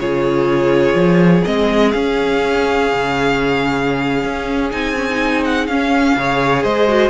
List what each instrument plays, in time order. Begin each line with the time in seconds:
0.00 cello C#3, viola F4, violin G#4 C#5
0.95 cello F3
1.45 cello G#3, viola C4, violin D#5
1.92 viola C#4, cello C#4, violin F5
2.93 cello C#3
4.24 cello C#4
4.71 cello C4, viola D#4, violin G#5
4.97 viola C#4
5.09 viola D#4
5.45 violin F#5
5.67 cello C#4, viola C#4, violin F5
6.16 cello C#3, viola G#4, violin C#5
6.64 cello G#3, violin C5 D#5
6.88 viola F#4